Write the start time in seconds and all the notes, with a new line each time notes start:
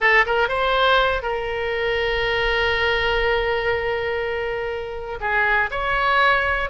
0.00 A4
0.25 A#4
0.48 C5
1.22 A#4
5.20 G#4
5.70 C#5